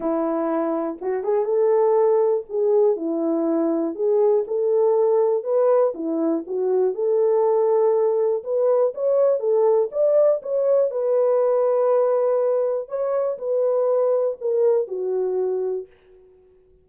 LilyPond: \new Staff \with { instrumentName = "horn" } { \time 4/4 \tempo 4 = 121 e'2 fis'8 gis'8 a'4~ | a'4 gis'4 e'2 | gis'4 a'2 b'4 | e'4 fis'4 a'2~ |
a'4 b'4 cis''4 a'4 | d''4 cis''4 b'2~ | b'2 cis''4 b'4~ | b'4 ais'4 fis'2 | }